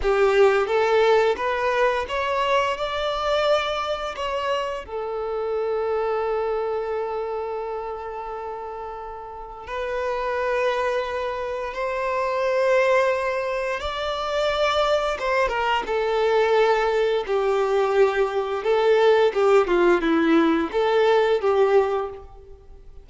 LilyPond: \new Staff \with { instrumentName = "violin" } { \time 4/4 \tempo 4 = 87 g'4 a'4 b'4 cis''4 | d''2 cis''4 a'4~ | a'1~ | a'2 b'2~ |
b'4 c''2. | d''2 c''8 ais'8 a'4~ | a'4 g'2 a'4 | g'8 f'8 e'4 a'4 g'4 | }